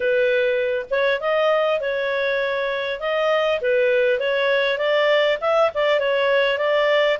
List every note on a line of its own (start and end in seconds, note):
0.00 0.86 B4
0.90 1.20 C#5
1.20 1.80 D#5
1.80 3.00 C#5
3.00 3.60 D#5
3.61 4.19 B4
4.19 4.78 C#5
4.78 5.38 D5
5.41 5.71 E5
5.74 5.99 D5
5.99 6.58 C#5
6.58 7.18 D5